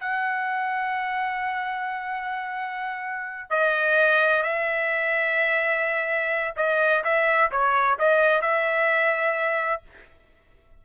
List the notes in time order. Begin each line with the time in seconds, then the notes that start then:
0.00 F#5
3.50 D#5
4.43 E5
6.56 D#5
7.04 E5
7.51 C#5
7.99 D#5
8.42 E5